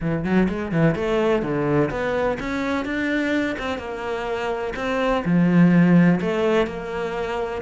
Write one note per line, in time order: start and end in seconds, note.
0.00 0.24 E3
0.24 0.48 F#3
0.48 0.72 G#3
0.72 0.95 E3
0.95 1.42 A3
1.42 1.89 D3
1.90 2.38 B3
2.39 2.85 C#4
2.85 3.56 D4
3.58 3.78 C4
3.78 4.73 A#3
4.76 5.23 C4
5.24 6.19 F3
6.20 6.66 A3
6.66 7.61 A#3